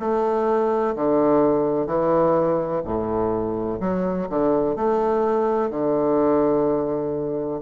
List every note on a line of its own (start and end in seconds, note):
0.00 0.95 A3
0.96 1.87 D3
1.87 2.82 E3
2.85 3.80 A2
3.81 4.28 F#3
4.30 4.76 D3
4.76 5.71 A3
5.71 7.61 D3